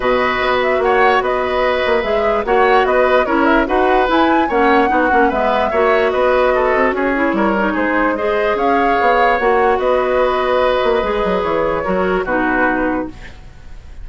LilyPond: <<
  \new Staff \with { instrumentName = "flute" } { \time 4/4 \tempo 4 = 147 dis''4. e''8 fis''4 dis''4~ | dis''4 e''4 fis''4 dis''4 | cis''8 e''8 fis''4 gis''4 fis''4~ | fis''4 e''2 dis''4~ |
dis''4 cis''2 c''4 | dis''4 f''2 fis''4 | dis''1 | cis''2 b'2 | }
  \new Staff \with { instrumentName = "oboe" } { \time 4/4 b'2 cis''4 b'4~ | b'2 cis''4 b'4 | ais'4 b'2 cis''4 | fis'4 b'4 cis''4 b'4 |
a'4 gis'4 ais'4 gis'4 | c''4 cis''2. | b'1~ | b'4 ais'4 fis'2 | }
  \new Staff \with { instrumentName = "clarinet" } { \time 4/4 fis'1~ | fis'4 gis'4 fis'2 | e'4 fis'4 e'4 cis'4 | dis'8 cis'8 b4 fis'2~ |
fis'4. e'4 dis'4. | gis'2. fis'4~ | fis'2. gis'4~ | gis'4 fis'4 dis'2 | }
  \new Staff \with { instrumentName = "bassoon" } { \time 4/4 b,4 b4 ais4 b4~ | b8 ais8 gis4 ais4 b4 | cis'4 dis'4 e'4 ais4 | b8 ais8 gis4 ais4 b4~ |
b8 c'8 cis'4 g4 gis4~ | gis4 cis'4 b4 ais4 | b2~ b8 ais8 gis8 fis8 | e4 fis4 b,2 | }
>>